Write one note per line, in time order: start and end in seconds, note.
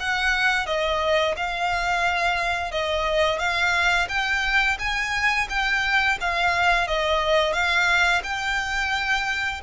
0.00 0.66 F#5
0.66 1.35 D#5
1.37 2.71 F5
2.71 3.39 D#5
3.39 4.08 F5
4.09 4.78 G5
4.79 5.48 G#5
5.50 6.18 G5
6.21 6.87 F5
6.87 7.53 D#5
7.53 8.22 F5
8.24 9.61 G5